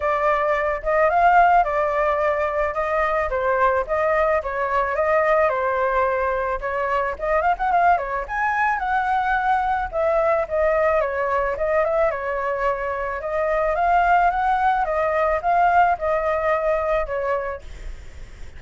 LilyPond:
\new Staff \with { instrumentName = "flute" } { \time 4/4 \tempo 4 = 109 d''4. dis''8 f''4 d''4~ | d''4 dis''4 c''4 dis''4 | cis''4 dis''4 c''2 | cis''4 dis''8 f''16 fis''16 f''8 cis''8 gis''4 |
fis''2 e''4 dis''4 | cis''4 dis''8 e''8 cis''2 | dis''4 f''4 fis''4 dis''4 | f''4 dis''2 cis''4 | }